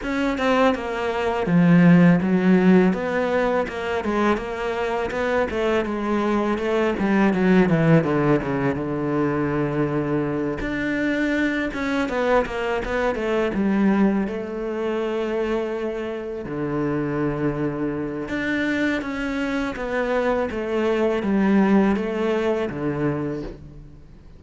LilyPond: \new Staff \with { instrumentName = "cello" } { \time 4/4 \tempo 4 = 82 cis'8 c'8 ais4 f4 fis4 | b4 ais8 gis8 ais4 b8 a8 | gis4 a8 g8 fis8 e8 d8 cis8 | d2~ d8 d'4. |
cis'8 b8 ais8 b8 a8 g4 a8~ | a2~ a8 d4.~ | d4 d'4 cis'4 b4 | a4 g4 a4 d4 | }